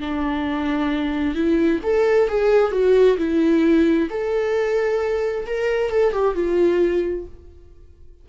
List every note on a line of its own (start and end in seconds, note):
0.00 1.35 D4
1.35 1.80 E4
1.83 2.28 A4
2.28 2.72 G#4
2.72 3.17 F#4
3.18 4.09 E4
4.10 5.46 A4
5.47 5.90 A#4
5.90 6.13 A4
6.13 6.35 G4
6.35 7.26 F4